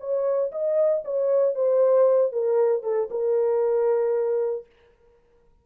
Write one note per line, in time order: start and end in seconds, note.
0.00 0.52 C#5
0.52 1.04 D#5
1.05 1.55 C#5
1.55 2.33 C5
2.33 2.83 A#4
2.83 3.09 A4
3.11 4.66 A#4